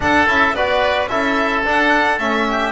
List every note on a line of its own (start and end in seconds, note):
0.00 0.27 D4
0.00 0.55 A4
0.00 0.28 F#5
0.27 0.53 C#4
0.27 0.54 E4
0.27 0.55 E5
0.53 1.08 B3
0.53 1.09 F#4
0.53 1.10 B4
0.53 1.08 D5
1.08 1.64 C#4
1.08 1.64 E4
1.08 2.47 A4
1.08 1.63 E5
1.64 2.18 D4
1.64 2.19 D4
1.64 2.19 F#5
2.18 2.71 A3
2.18 2.71 C#4
2.18 2.71 E5
2.48 2.71 G4